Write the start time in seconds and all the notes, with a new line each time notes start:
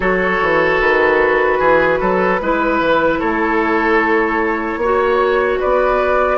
0.00 F#3 F#4 A4 C#5
0.41 E3
0.80 D#3 B4
1.59 E3 G#4
2.00 F#3 A4
2.41 G#3 E4 B4
2.80 E3
3.19 A3 A4 C#5
4.76 A#3 C#5
4.83 F#4
5.59 B3 B4 D5